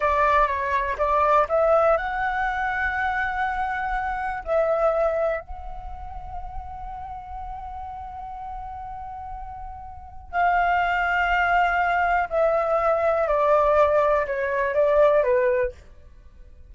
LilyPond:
\new Staff \with { instrumentName = "flute" } { \time 4/4 \tempo 4 = 122 d''4 cis''4 d''4 e''4 | fis''1~ | fis''4 e''2 fis''4~ | fis''1~ |
fis''1~ | fis''4 f''2.~ | f''4 e''2 d''4~ | d''4 cis''4 d''4 b'4 | }